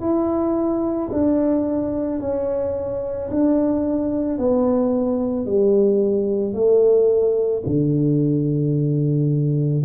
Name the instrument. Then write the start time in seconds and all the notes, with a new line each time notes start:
tuba
0.00 E4
1.12 D4
2.20 C#4
3.30 D4
4.38 B3
5.45 G3
6.53 A3
7.65 D3